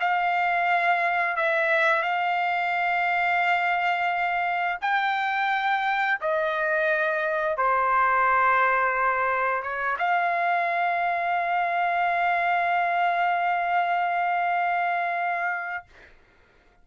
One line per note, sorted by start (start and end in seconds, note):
0.00 1.37 F5
1.37 2.03 E5
2.03 4.78 F5
4.82 6.19 G5
6.21 7.57 D#5
7.57 9.63 C5
9.63 9.97 C#5
9.99 15.85 F5